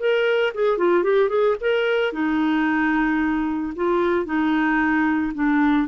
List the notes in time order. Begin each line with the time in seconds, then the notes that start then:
0.00 A#4
0.55 G#4
0.78 F4
1.03 G4
1.30 G#4
1.61 A#4
2.13 D#4
3.76 F4
4.26 D#4
5.34 D4